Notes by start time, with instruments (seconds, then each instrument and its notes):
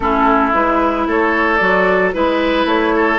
0.00 bassoon A3, clarinet C#4, oboe E4, flute A4
0.53 bassoon G#3, clarinet E4, flute B4
1.07 bassoon A3, oboe A4, flute C#5
1.56 bassoon F#3, clarinet F#4, flute D5
2.12 bassoon G#3, clarinet E4, flute B4, oboe B4
2.65 bassoon A3, flute C#5
2.95 oboe A4